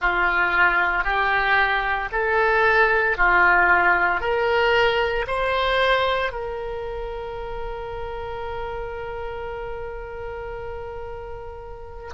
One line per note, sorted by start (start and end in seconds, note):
0.00 1.03 F4
1.03 2.09 G4
2.11 3.17 A4
3.17 4.20 F4
4.20 5.25 A#4
5.27 6.32 C5
6.32 12.11 A#4